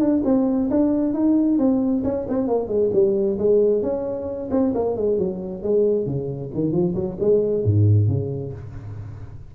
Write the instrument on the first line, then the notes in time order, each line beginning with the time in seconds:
tuba
0.00 D4
0.25 C4
0.71 D4
1.14 D#4
1.59 C4
2.04 C#4
2.29 C4
2.48 A#3
2.68 G#3
2.93 G3
3.38 G#3
3.82 C#4
4.51 C4
4.74 A#3
4.96 G#3
5.19 F#3
5.63 G#3
6.06 C#3
6.54 D#3
6.72 F3
6.95 F#3
7.20 G#3
7.65 G#2
8.08 C#3